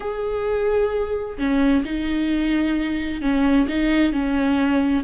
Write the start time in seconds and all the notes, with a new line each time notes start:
0.00 G#4
1.37 C#4
1.84 D#4
3.21 C#4
3.68 D#4
4.12 C#4